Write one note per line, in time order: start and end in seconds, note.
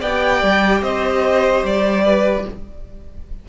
0.00 0.42 B3
0.00 2.48 G4
0.00 0.81 D5
0.00 0.82 G5
0.42 0.82 G3
0.82 1.63 C4
0.82 2.04 C5
0.82 1.64 D#5
1.63 2.44 G3
1.63 2.47 D5
2.05 2.45 B4